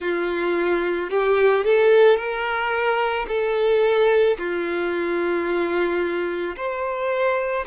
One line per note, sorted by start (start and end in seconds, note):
0.00 1.10 F4
1.10 1.64 G4
1.64 2.16 A4
2.16 3.25 A#4
3.28 4.37 A4
4.37 6.56 F4
6.56 7.65 C5